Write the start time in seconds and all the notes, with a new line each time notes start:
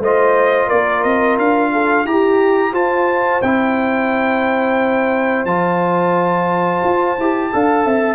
0.00 A3 F4 C5 D#5
0.67 A#3 A#4 D5
1.03 C4 D#5
1.38 D4 F5
1.73 A4
2.05 E4 G4 A#5
2.74 F4 C5 A5
3.42 C4 E4 G5
5.45 F3 F4 A5
6.85 F4
7.19 E4 G4
7.53 D4 A4 F5
7.86 C4 E5